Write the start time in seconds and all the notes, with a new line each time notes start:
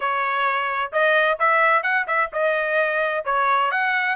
0.00 C#5
0.92 D#5
1.39 E5
1.83 F#5
2.07 E5
2.32 D#5
3.25 C#5
3.71 F#5